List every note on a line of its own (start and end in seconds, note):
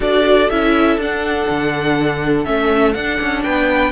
0.00 0.49 D4
0.00 0.49 F#4
0.00 3.43 A4
0.00 0.49 D5
0.49 0.97 C#4
0.49 1.00 E4
0.49 0.98 E5
0.97 1.46 D4
0.97 2.45 D4
0.97 2.44 F#5
1.50 2.45 D3
2.44 2.94 A3
2.44 2.94 C#4
2.44 2.93 E5
2.93 3.91 D4
2.93 3.19 D4
2.93 3.42 F#5
3.20 3.45 C#4
3.43 3.91 B3
3.43 3.91 B4
3.43 3.91 G5